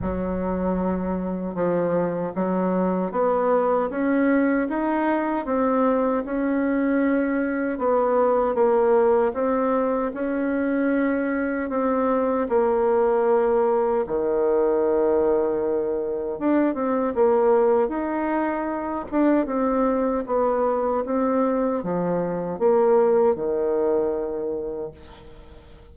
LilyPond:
\new Staff \with { instrumentName = "bassoon" } { \time 4/4 \tempo 4 = 77 fis2 f4 fis4 | b4 cis'4 dis'4 c'4 | cis'2 b4 ais4 | c'4 cis'2 c'4 |
ais2 dis2~ | dis4 d'8 c'8 ais4 dis'4~ | dis'8 d'8 c'4 b4 c'4 | f4 ais4 dis2 | }